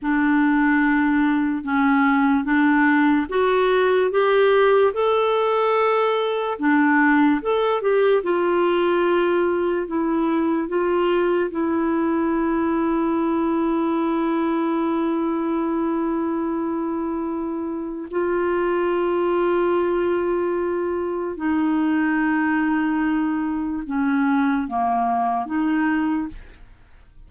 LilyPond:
\new Staff \with { instrumentName = "clarinet" } { \time 4/4 \tempo 4 = 73 d'2 cis'4 d'4 | fis'4 g'4 a'2 | d'4 a'8 g'8 f'2 | e'4 f'4 e'2~ |
e'1~ | e'2 f'2~ | f'2 dis'2~ | dis'4 cis'4 ais4 dis'4 | }